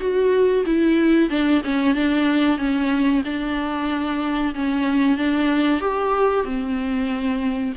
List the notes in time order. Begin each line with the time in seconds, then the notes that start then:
0.00 F#4
0.66 E4
1.30 D4
1.65 C#4
1.95 D4
2.58 C#4
3.26 D4
4.55 C#4
5.18 D4
5.81 G4
6.45 C4